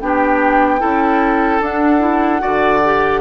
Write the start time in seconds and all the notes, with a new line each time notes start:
0.00 B3 D4 G4 G5
0.79 C#4 E4 A4
1.60 D4 F#5
1.99 E4
2.39 D3 F#4 D5
2.84 G4